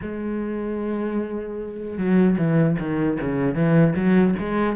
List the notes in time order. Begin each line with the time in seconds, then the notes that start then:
0.01 G#3
1.97 F#3
2.38 E3
2.79 D#3
3.20 C#3
3.54 E3
3.95 F#3
4.38 G#3